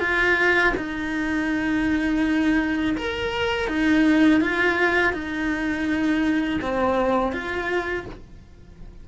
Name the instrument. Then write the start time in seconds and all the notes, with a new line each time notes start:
cello
0.00 F4
0.76 D#4
2.97 A#4
3.68 D#4
4.41 F4
5.14 D#4
6.62 C4
7.32 F4